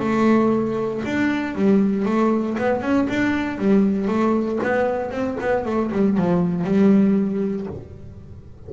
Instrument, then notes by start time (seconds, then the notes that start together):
double bass
0.00 A3
1.06 D4
1.55 G3
2.06 A3
2.59 B3
2.82 C#4
3.10 D4
3.59 G3
4.08 A3
4.63 B3
5.12 C4
5.41 B3
5.66 A3
5.92 G3
6.18 F3
6.65 G3